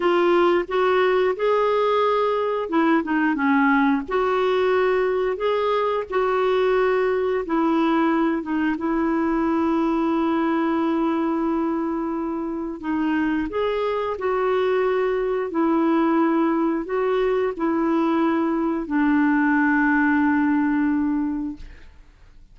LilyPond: \new Staff \with { instrumentName = "clarinet" } { \time 4/4 \tempo 4 = 89 f'4 fis'4 gis'2 | e'8 dis'8 cis'4 fis'2 | gis'4 fis'2 e'4~ | e'8 dis'8 e'2.~ |
e'2. dis'4 | gis'4 fis'2 e'4~ | e'4 fis'4 e'2 | d'1 | }